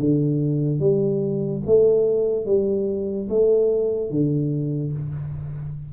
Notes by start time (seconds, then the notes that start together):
0.00 D3
0.80 G3
1.66 A3
2.45 G3
3.29 A3
4.10 D3